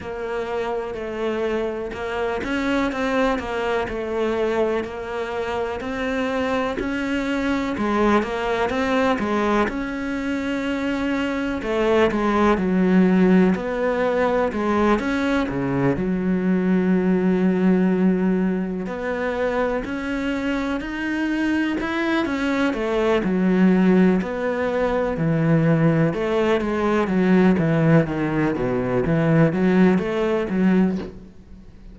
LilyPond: \new Staff \with { instrumentName = "cello" } { \time 4/4 \tempo 4 = 62 ais4 a4 ais8 cis'8 c'8 ais8 | a4 ais4 c'4 cis'4 | gis8 ais8 c'8 gis8 cis'2 | a8 gis8 fis4 b4 gis8 cis'8 |
cis8 fis2. b8~ | b8 cis'4 dis'4 e'8 cis'8 a8 | fis4 b4 e4 a8 gis8 | fis8 e8 dis8 b,8 e8 fis8 a8 fis8 | }